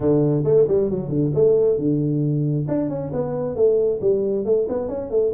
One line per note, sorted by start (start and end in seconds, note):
0.00 0.43 D3
0.43 0.66 A3
0.68 0.89 G3
0.89 1.09 F#3
1.09 1.31 D3
1.34 1.77 A3
1.77 2.66 D3
2.67 2.89 D4
2.89 3.11 C#4
3.12 3.55 B3
3.55 4.00 A3
4.01 4.45 G3
4.45 4.67 A3
4.68 4.88 B3
4.88 5.10 C#4
5.10 5.32 A3